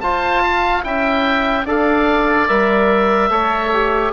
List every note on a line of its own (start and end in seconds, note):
0.00 0.82 F4
0.00 0.84 F4
0.00 0.42 C5
0.00 0.82 A5
0.42 0.84 F5
0.82 1.65 C#4
0.82 1.64 E4
0.82 1.65 E5
0.82 1.66 G5
1.65 2.47 D4
1.65 2.48 A4
1.65 3.29 D5
1.65 2.48 F5
2.48 3.29 G3
2.48 3.29 A#4
2.48 4.12 E5
3.29 4.11 A3
3.29 3.70 A4
3.29 4.12 C#5
3.73 4.12 G4